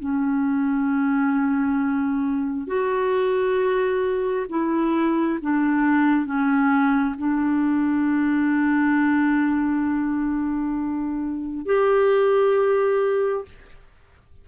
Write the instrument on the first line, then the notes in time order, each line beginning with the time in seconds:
clarinet
0.00 C#4
2.67 F#4
4.49 E4
5.42 D4
6.26 C#4
7.18 D4
11.66 G4